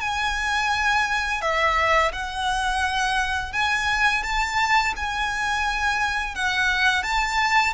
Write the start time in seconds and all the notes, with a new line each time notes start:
0.00 G#5
1.41 E5
2.12 F#5
3.52 G#5
4.23 A5
4.96 G#5
6.35 F#5
7.03 A5